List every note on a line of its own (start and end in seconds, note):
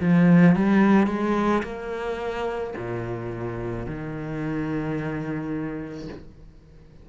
0.00 0.56 F3
0.56 1.07 G3
1.07 1.62 G#3
1.63 2.74 A#3
2.76 3.86 A#2
3.86 6.08 D#3